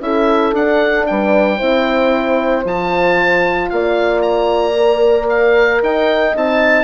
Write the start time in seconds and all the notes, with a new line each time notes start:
0.00 C#4 E4 A4 E5
0.53 D4 F#5
1.06 G3 B4 G5
1.57 C4 E4 C5
2.65 F3 F4 A5
3.70 A#3 D5 F5
4.22 A#5
4.77 A#4
5.29 F5
5.82 D#4 D#5 G5
6.35 C4 D#4 A5